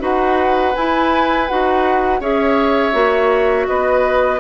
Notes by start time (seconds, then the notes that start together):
0.00 D#4 F#4 B4 F#5
0.75 E4 G#5
1.48 D#4 F#4 F#5
2.20 C#4 G#4 C#5 E5
2.92 A#3 F#4
3.68 B3 B4 D#5